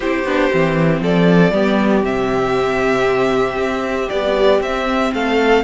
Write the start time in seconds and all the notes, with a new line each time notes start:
0.00 C4 E4 G4 C5
0.24 B3 D4
0.51 E3 C4
1.00 F3 A4 D5
1.51 G3 B3 G4
2.03 C3 C4 E5
3.57 C4
4.09 G3 B3 D5
4.59 C4 E5
5.13 A3 A4 F5